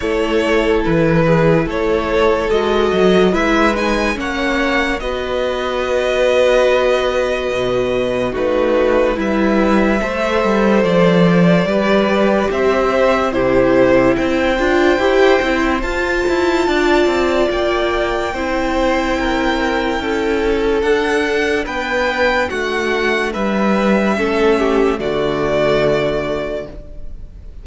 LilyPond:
<<
  \new Staff \with { instrumentName = "violin" } { \time 4/4 \tempo 4 = 72 cis''4 b'4 cis''4 dis''4 | e''8 gis''8 fis''4 dis''2~ | dis''2 b'4 e''4~ | e''4 d''2 e''4 |
c''4 g''2 a''4~ | a''4 g''2.~ | g''4 fis''4 g''4 fis''4 | e''2 d''2 | }
  \new Staff \with { instrumentName = "violin" } { \time 4/4 a'4. gis'8 a'2 | b'4 cis''4 b'2~ | b'2 fis'4 b'4 | c''2 b'4 c''4 |
g'4 c''2. | d''2 c''4 ais'4 | a'2 b'4 fis'4 | b'4 a'8 g'8 fis'2 | }
  \new Staff \with { instrumentName = "viola" } { \time 4/4 e'2. fis'4 | e'8 dis'8 cis'4 fis'2~ | fis'2 dis'4 e'4 | a'2 g'2 |
e'4. f'8 g'8 e'8 f'4~ | f'2 e'2~ | e'4 d'2.~ | d'4 cis'4 a2 | }
  \new Staff \with { instrumentName = "cello" } { \time 4/4 a4 e4 a4 gis8 fis8 | gis4 ais4 b2~ | b4 b,4 a4 g4 | a8 g8 f4 g4 c'4 |
c4 c'8 d'8 e'8 c'8 f'8 e'8 | d'8 c'8 ais4 c'2 | cis'4 d'4 b4 a4 | g4 a4 d2 | }
>>